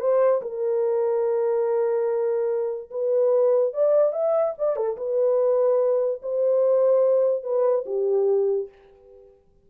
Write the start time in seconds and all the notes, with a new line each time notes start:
0.00 C5
0.42 A#4
2.90 B4
3.74 D5
4.13 E5
4.58 D5
4.76 A4
4.97 B4
6.22 C5
7.44 B4
7.86 G4